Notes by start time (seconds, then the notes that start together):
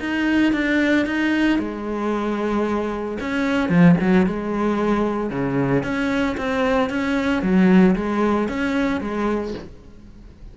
0.00 D#4
0.53 D4
1.06 D#4
1.59 G#3
3.21 C#4
3.69 F3
4.01 F#3
4.26 G#3
5.30 C#3
5.83 C#4
6.37 C4
6.90 C#4
7.42 F#3
7.96 G#3
8.48 C#4
9.01 G#3